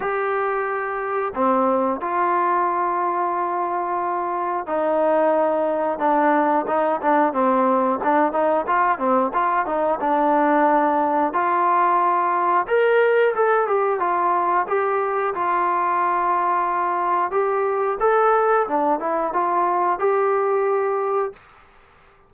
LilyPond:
\new Staff \with { instrumentName = "trombone" } { \time 4/4 \tempo 4 = 90 g'2 c'4 f'4~ | f'2. dis'4~ | dis'4 d'4 dis'8 d'8 c'4 | d'8 dis'8 f'8 c'8 f'8 dis'8 d'4~ |
d'4 f'2 ais'4 | a'8 g'8 f'4 g'4 f'4~ | f'2 g'4 a'4 | d'8 e'8 f'4 g'2 | }